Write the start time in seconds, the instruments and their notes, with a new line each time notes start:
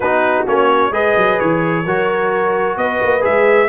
0.00 tuba B3, trombone D#4, horn F#4, trumpet B4
0.46 tuba A#3, trombone C#4, trumpet C#5
0.90 tuba G#3, trombone G#4, horn B4, trumpet D#5
1.16 tuba F#3
1.39 tuba E3, trumpet C#5
1.85 tuba F#3, trombone F#4, horn A#4
2.76 tuba B3, horn B4, trumpet D#5
3.02 tuba A#3
3.20 tuba G#3, trombone G#4, trumpet E5